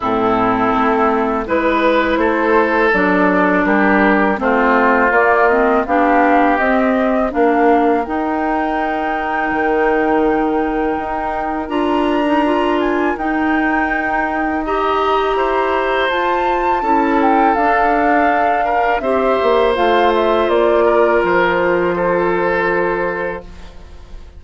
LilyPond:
<<
  \new Staff \with { instrumentName = "flute" } { \time 4/4 \tempo 4 = 82 a'2 b'4 c''4 | d''4 ais'4 c''4 d''8 dis''8 | f''4 dis''4 f''4 g''4~ | g''1 |
ais''4. gis''8 g''2 | ais''2 a''4. g''8 | f''2 e''4 f''8 e''8 | d''4 c''2. | }
  \new Staff \with { instrumentName = "oboe" } { \time 4/4 e'2 b'4 a'4~ | a'4 g'4 f'2 | g'2 ais'2~ | ais'1~ |
ais'1 | dis''4 c''2 a'4~ | a'4. ais'8 c''2~ | c''8 ais'4. a'2 | }
  \new Staff \with { instrumentName = "clarinet" } { \time 4/4 c'2 e'2 | d'2 c'4 ais8 c'8 | d'4 c'4 d'4 dis'4~ | dis'1 |
f'8. dis'16 f'4 dis'2 | g'2 f'4 e'4 | d'2 g'4 f'4~ | f'1 | }
  \new Staff \with { instrumentName = "bassoon" } { \time 4/4 a,4 a4 gis4 a4 | fis4 g4 a4 ais4 | b4 c'4 ais4 dis'4~ | dis'4 dis2 dis'4 |
d'2 dis'2~ | dis'4 e'4 f'4 cis'4 | d'2 c'8 ais8 a4 | ais4 f2. | }
>>